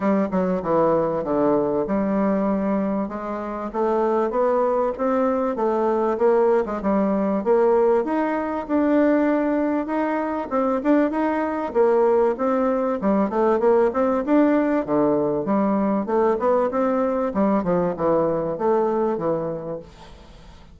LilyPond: \new Staff \with { instrumentName = "bassoon" } { \time 4/4 \tempo 4 = 97 g8 fis8 e4 d4 g4~ | g4 gis4 a4 b4 | c'4 a4 ais8. gis16 g4 | ais4 dis'4 d'2 |
dis'4 c'8 d'8 dis'4 ais4 | c'4 g8 a8 ais8 c'8 d'4 | d4 g4 a8 b8 c'4 | g8 f8 e4 a4 e4 | }